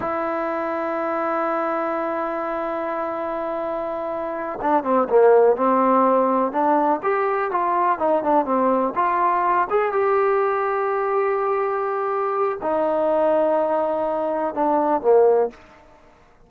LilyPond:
\new Staff \with { instrumentName = "trombone" } { \time 4/4 \tempo 4 = 124 e'1~ | e'1~ | e'4. d'8 c'8 ais4 c'8~ | c'4. d'4 g'4 f'8~ |
f'8 dis'8 d'8 c'4 f'4. | gis'8 g'2.~ g'8~ | g'2 dis'2~ | dis'2 d'4 ais4 | }